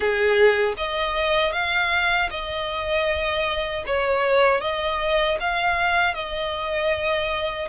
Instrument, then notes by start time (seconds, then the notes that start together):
violin
0.00 G#4
0.77 D#5
1.52 F5
2.30 D#5
3.86 C#5
4.60 D#5
5.40 F5
6.14 D#5